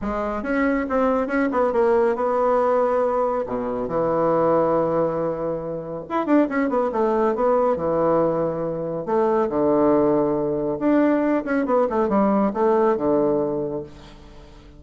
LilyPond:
\new Staff \with { instrumentName = "bassoon" } { \time 4/4 \tempo 4 = 139 gis4 cis'4 c'4 cis'8 b8 | ais4 b2. | b,4 e2.~ | e2 e'8 d'8 cis'8 b8 |
a4 b4 e2~ | e4 a4 d2~ | d4 d'4. cis'8 b8 a8 | g4 a4 d2 | }